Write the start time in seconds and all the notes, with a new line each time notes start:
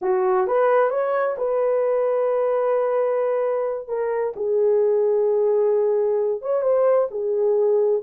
0.01 F#4
0.47 B4
0.90 C#5
1.37 B4
3.87 A#4
4.36 G#4
6.41 C#5
6.62 C5
7.10 G#4